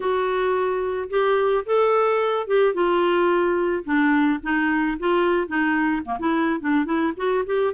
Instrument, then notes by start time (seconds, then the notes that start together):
clarinet
0.00 F#4
1.09 G4
1.65 A4
2.47 G4
2.74 F4
3.84 D4
4.42 D#4
4.99 F4
5.47 D#4
6.05 A#3
6.19 E4
6.60 D4
6.85 E4
7.16 F#4
7.46 G4